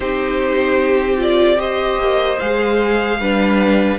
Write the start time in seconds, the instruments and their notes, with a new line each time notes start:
0.00 cello C4, viola D#4, violin G4 C5
1.16 viola F4, violin D5
1.57 viola G4, violin C5 D#5
1.98 cello A#3
2.39 cello G#3, viola G#4, violin F5
3.19 cello G3, viola D4, violin B4